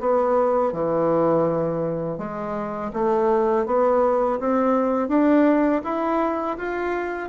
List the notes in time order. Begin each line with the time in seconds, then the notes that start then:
0.00 B3
0.72 E3
2.18 G#3
2.93 A3
3.66 B3
4.39 C4
5.08 D4
5.84 E4
6.58 F4